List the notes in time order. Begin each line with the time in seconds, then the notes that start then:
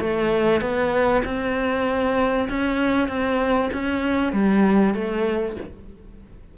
0.00 A3
0.61 B3
1.25 C4
2.49 C#4
3.08 C4
3.73 C#4
4.33 G3
4.95 A3